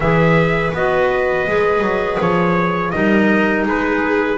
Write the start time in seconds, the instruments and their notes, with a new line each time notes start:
0.00 double bass E3, clarinet G#4, viola B4, trumpet E5
0.73 double bass B3, clarinet F#4, trumpet D#5
1.47 double bass G#3, clarinet G#4
1.81 double bass F#3
2.20 double bass F3, trumpet C#5
2.90 double bass G3, clarinet D#4, viola A#4, trumpet D#5
3.65 double bass G#3, viola G#4, trumpet B4